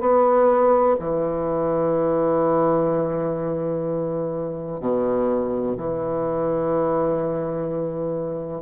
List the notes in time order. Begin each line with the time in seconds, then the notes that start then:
0.00 B3
0.99 E3
4.80 B2
5.77 E3